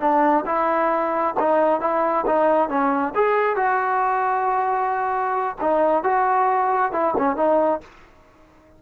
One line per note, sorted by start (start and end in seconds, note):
0.00 0.44 D4
0.46 1.35 E4
1.39 1.80 D#4
1.80 2.25 E4
2.26 2.69 D#4
2.69 3.13 C#4
3.15 3.56 G#4
3.56 5.56 F#4
5.61 6.03 D#4
6.03 6.92 F#4
6.92 7.14 E4
7.17 7.36 C#4
7.36 7.80 D#4